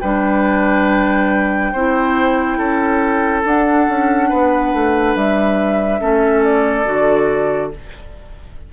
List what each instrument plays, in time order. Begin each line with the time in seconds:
0.00 bassoon G3, clarinet D4, oboe B4, flute G5
1.72 bassoon C4, clarinet E4, oboe C5
2.58 bassoon C#4, oboe A4
3.44 clarinet D4, bassoon D4, flute F#5
3.89 bassoon C#4
4.29 bassoon B3, oboe B4
4.74 bassoon A3
5.15 bassoon G3, flute E5
6.00 bassoon A3, clarinet C#4, oboe A4
6.44 flute D5
6.85 bassoon D3, clarinet F#4